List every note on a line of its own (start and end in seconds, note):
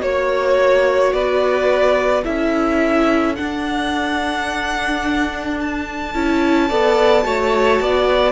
0.00 1.12 A#3
0.00 2.22 F#4
0.00 1.12 C#5
0.00 1.13 C#5
1.12 2.23 B3
1.12 2.25 B4
1.12 2.24 D5
2.24 3.37 C#4
2.24 3.35 E4
2.24 6.68 A4
2.24 3.35 E5
3.35 6.13 D4
3.35 6.14 D4
3.35 5.57 F#5
5.60 8.32 A5
6.14 6.70 C#4
6.14 6.69 E4
6.68 7.24 B3
6.68 7.22 A4
6.68 7.23 D5
7.22 7.80 A3
7.22 8.32 F#4
7.22 7.81 C#5
7.80 8.32 B3
7.80 8.32 D5